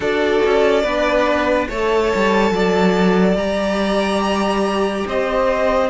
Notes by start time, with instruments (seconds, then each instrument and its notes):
0.00 cello D4, viola F#4, violin A4 D5
0.45 cello C#4
0.83 cello B3, viola D4, violin B4
1.68 cello A3, viola A4, violin C#5 A5
2.15 cello G3
2.51 cello F#3, violin D5
3.35 cello G3, viola G4, violin A#5
5.07 cello C4, violin C5 D#5